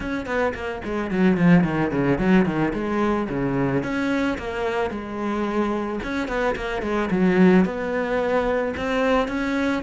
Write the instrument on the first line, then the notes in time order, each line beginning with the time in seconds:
cello
0.00 C#4
0.26 B3
0.54 A#3
0.84 G#3
1.10 F#3
1.37 F3
1.64 D#3
1.91 C#3
2.18 F#3
2.45 D#3
2.73 G#3
3.29 C#3
3.83 C#4
4.38 A#3
4.90 G#3
6.03 C#4
6.28 B3
6.55 A#3
6.82 G#3
7.11 F#3
7.65 B3
8.76 C4
9.28 C#4